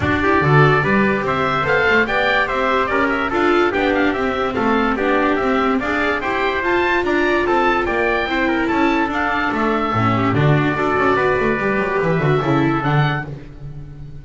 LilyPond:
<<
  \new Staff \with { instrumentName = "oboe" } { \time 4/4 \tempo 4 = 145 d''2. e''4 | f''4 g''4 e''4 d''8 e''8 | f''4 g''8 f''8 e''4 f''4 | d''4 e''4 f''4 g''4 |
a''4 ais''4 a''4 g''4~ | g''4 a''4 f''4 e''4~ | e''4 d''2.~ | d''4 e''2 fis''4 | }
  \new Staff \with { instrumentName = "trumpet" } { \time 4/4 fis'8 g'8 a'4 b'4 c''4~ | c''4 d''4 c''4 ais'4 | a'4 g'2 a'4 | g'2 d''4 c''4~ |
c''4 d''4 a'4 d''4 | c''8 ais'8 a'2.~ | a'8 g'8 fis'4 a'4 b'4~ | b'2 a'2 | }
  \new Staff \with { instrumentName = "viola" } { \time 4/4 d'8 e'8 fis'4 g'2 | a'4 g'2. | f'4 d'4 c'2 | d'4 c'4 gis'4 g'4 |
f'1 | e'2 d'2 | cis'4 d'4 fis'2 | g'4. fis'8 e'4 d'4 | }
  \new Staff \with { instrumentName = "double bass" } { \time 4/4 d'4 d4 g4 c'4 | b8 a8 b4 c'4 cis'4 | d'4 b4 c'4 a4 | b4 c'4 d'4 e'4 |
f'4 d'4 c'4 ais4 | c'4 cis'4 d'4 a4 | a,4 d4 d'8 cis'8 b8 a8 | g8 fis8 e8 d8 cis4 d4 | }
>>